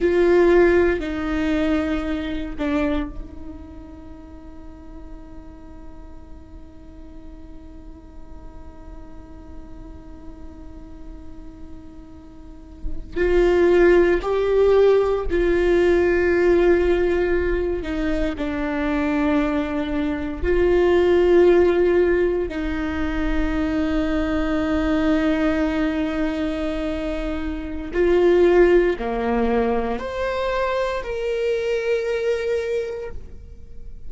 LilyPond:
\new Staff \with { instrumentName = "viola" } { \time 4/4 \tempo 4 = 58 f'4 dis'4. d'8 dis'4~ | dis'1~ | dis'1~ | dis'8. f'4 g'4 f'4~ f'16~ |
f'4~ f'16 dis'8 d'2 f'16~ | f'4.~ f'16 dis'2~ dis'16~ | dis'2. f'4 | ais4 c''4 ais'2 | }